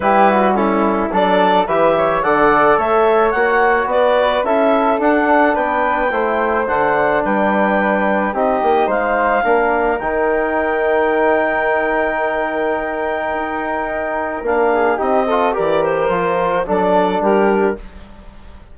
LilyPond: <<
  \new Staff \with { instrumentName = "clarinet" } { \time 4/4 \tempo 4 = 108 b'4 a'4 d''4 e''4 | fis''4 e''4 fis''4 d''4 | e''4 fis''4 g''2 | fis''4 g''2 dis''4 |
f''2 g''2~ | g''1~ | g''2 f''4 dis''4 | d''8 c''4. d''4 ais'4 | }
  \new Staff \with { instrumentName = "flute" } { \time 4/4 g'8 fis'8 e'4 a'4 b'8 cis''8 | d''4 cis''2 b'4 | a'2 b'4 c''4~ | c''4 b'2 g'4 |
c''4 ais'2.~ | ais'1~ | ais'2~ ais'8 gis'8 g'8 a'8 | ais'2 a'4 g'4 | }
  \new Staff \with { instrumentName = "trombone" } { \time 4/4 e'4 cis'4 d'4 g'4 | a'2 fis'2 | e'4 d'2 e'4 | d'2. dis'4~ |
dis'4 d'4 dis'2~ | dis'1~ | dis'2 d'4 dis'8 f'8 | g'4 f'4 d'2 | }
  \new Staff \with { instrumentName = "bassoon" } { \time 4/4 g2 fis4 e4 | d4 a4 ais4 b4 | cis'4 d'4 b4 a4 | d4 g2 c'8 ais8 |
gis4 ais4 dis2~ | dis1 | dis'2 ais4 c'4 | e4 f4 fis4 g4 | }
>>